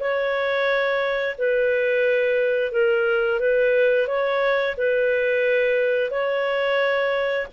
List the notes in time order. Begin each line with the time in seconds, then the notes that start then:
0.00 C#5
1.38 B4
2.72 A#4
3.40 B4
4.08 C#5
4.77 B4
6.11 C#5